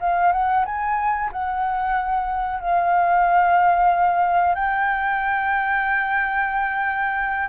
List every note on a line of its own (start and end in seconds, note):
0.00 0.32 F5
0.32 0.65 F#5
0.65 1.30 G#5
1.32 2.60 F#5
2.60 4.55 F5
4.55 7.49 G5